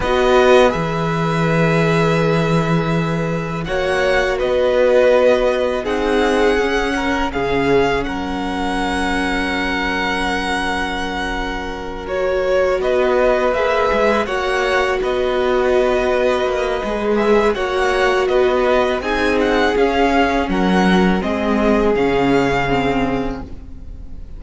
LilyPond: <<
  \new Staff \with { instrumentName = "violin" } { \time 4/4 \tempo 4 = 82 dis''4 e''2.~ | e''4 fis''4 dis''2 | fis''2 f''4 fis''4~ | fis''1~ |
fis''8 cis''4 dis''4 e''4 fis''8~ | fis''8 dis''2. e''8 | fis''4 dis''4 gis''8 fis''8 f''4 | fis''4 dis''4 f''2 | }
  \new Staff \with { instrumentName = "violin" } { \time 4/4 b'1~ | b'4 cis''4 b'2 | gis'4. ais'8 gis'4 ais'4~ | ais'1~ |
ais'4. b'2 cis''8~ | cis''8 b'2.~ b'8 | cis''4 b'4 gis'2 | ais'4 gis'2. | }
  \new Staff \with { instrumentName = "viola" } { \time 4/4 fis'4 gis'2.~ | gis'4 fis'2. | dis'4 cis'2.~ | cis'1~ |
cis'8 fis'2 gis'4 fis'8~ | fis'2. gis'4 | fis'2 dis'4 cis'4~ | cis'4 c'4 cis'4 c'4 | }
  \new Staff \with { instrumentName = "cello" } { \time 4/4 b4 e2.~ | e4 ais4 b2 | c'4 cis'4 cis4 fis4~ | fis1~ |
fis4. b4 ais8 gis8 ais8~ | ais8 b2 ais8 gis4 | ais4 b4 c'4 cis'4 | fis4 gis4 cis2 | }
>>